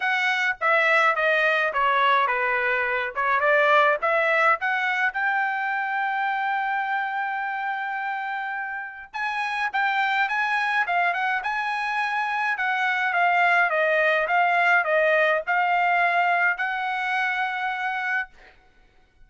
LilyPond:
\new Staff \with { instrumentName = "trumpet" } { \time 4/4 \tempo 4 = 105 fis''4 e''4 dis''4 cis''4 | b'4. cis''8 d''4 e''4 | fis''4 g''2.~ | g''1 |
gis''4 g''4 gis''4 f''8 fis''8 | gis''2 fis''4 f''4 | dis''4 f''4 dis''4 f''4~ | f''4 fis''2. | }